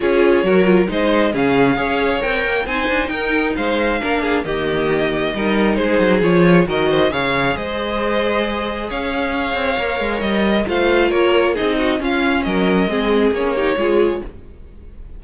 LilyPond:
<<
  \new Staff \with { instrumentName = "violin" } { \time 4/4 \tempo 4 = 135 cis''2 dis''4 f''4~ | f''4 g''4 gis''4 g''4 | f''2 dis''2~ | dis''4 c''4 cis''4 dis''4 |
f''4 dis''2. | f''2. dis''4 | f''4 cis''4 dis''4 f''4 | dis''2 cis''2 | }
  \new Staff \with { instrumentName = "violin" } { \time 4/4 gis'4 ais'4 c''4 gis'4 | cis''2 c''4 ais'4 | c''4 ais'8 gis'8 g'2 | ais'4 gis'2 ais'8 c''8 |
cis''4 c''2. | cis''1 | c''4 ais'4 gis'8 fis'8 f'4 | ais'4 gis'4. g'8 gis'4 | }
  \new Staff \with { instrumentName = "viola" } { \time 4/4 f'4 fis'8 f'8 dis'4 cis'4 | gis'4 ais'4 dis'2~ | dis'4 d'4 ais2 | dis'2 f'4 fis'4 |
gis'1~ | gis'2 ais'2 | f'2 dis'4 cis'4~ | cis'4 c'4 cis'8 dis'8 f'4 | }
  \new Staff \with { instrumentName = "cello" } { \time 4/4 cis'4 fis4 gis4 cis4 | cis'4 c'8 ais8 c'8 d'8 dis'4 | gis4 ais4 dis2 | g4 gis8 fis8 f4 dis4 |
cis4 gis2. | cis'4. c'8 ais8 gis8 g4 | a4 ais4 c'4 cis'4 | fis4 gis4 ais4 gis4 | }
>>